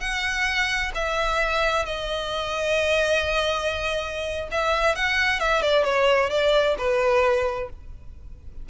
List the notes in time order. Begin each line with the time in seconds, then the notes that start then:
0.00 F#5
0.94 E5
1.85 D#5
4.51 E5
4.95 F#5
5.39 E5
5.61 D5
5.84 C#5
6.29 D5
6.77 B4